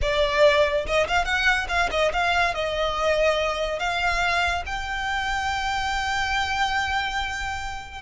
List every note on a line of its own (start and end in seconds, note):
0.01 0.86 D5
0.86 1.07 D#5
1.07 1.25 F5
1.25 1.67 F#5
1.68 1.89 F5
1.91 2.12 D#5
2.12 2.54 F5
2.54 3.79 D#5
3.79 4.63 F5
4.66 8.01 G5